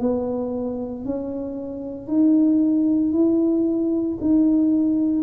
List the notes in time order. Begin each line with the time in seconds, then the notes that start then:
0.00 B3
1.05 C#4
2.08 D#4
3.13 E4
4.21 D#4